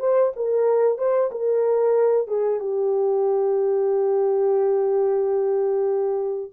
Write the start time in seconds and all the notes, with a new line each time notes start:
0.00 C5
0.36 A#4
0.98 C5
1.31 A#4
2.28 G#4
2.60 G4